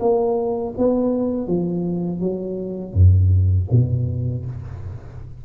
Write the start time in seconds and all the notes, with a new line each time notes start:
0.00 A#3
0.77 B3
1.47 F3
2.20 F#3
2.94 F#2
3.71 B2